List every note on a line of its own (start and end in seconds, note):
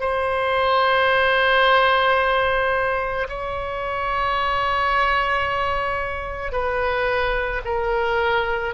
0.00 3.27 C5
3.29 6.52 C#5
6.52 7.61 B4
7.65 8.74 A#4